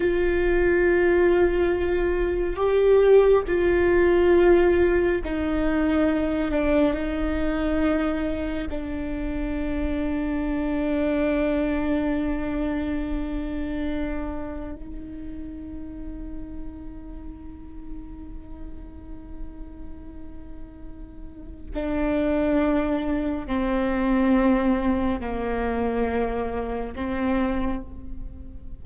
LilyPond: \new Staff \with { instrumentName = "viola" } { \time 4/4 \tempo 4 = 69 f'2. g'4 | f'2 dis'4. d'8 | dis'2 d'2~ | d'1~ |
d'4 dis'2.~ | dis'1~ | dis'4 d'2 c'4~ | c'4 ais2 c'4 | }